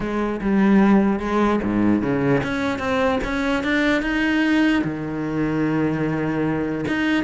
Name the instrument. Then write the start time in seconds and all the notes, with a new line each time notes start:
cello
0.00 G#3
0.41 G3
1.19 G#3
1.63 G#2
2.02 C#3
2.43 C#4
2.79 C4
3.23 C#4
3.63 D4
4.02 D#4
4.83 D#3
6.87 D#4